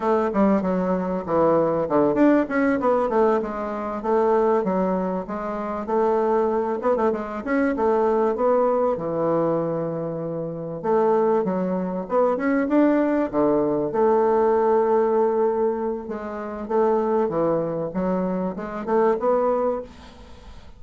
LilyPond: \new Staff \with { instrumentName = "bassoon" } { \time 4/4 \tempo 4 = 97 a8 g8 fis4 e4 d8 d'8 | cis'8 b8 a8 gis4 a4 fis8~ | fis8 gis4 a4. b16 a16 gis8 | cis'8 a4 b4 e4.~ |
e4. a4 fis4 b8 | cis'8 d'4 d4 a4.~ | a2 gis4 a4 | e4 fis4 gis8 a8 b4 | }